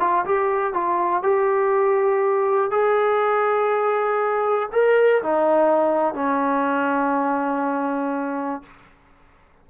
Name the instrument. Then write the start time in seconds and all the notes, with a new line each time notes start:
trombone
0.00 F4
0.25 G4
0.74 F4
1.23 G4
2.71 G#4
4.72 A#4
5.22 D#4
6.14 C#4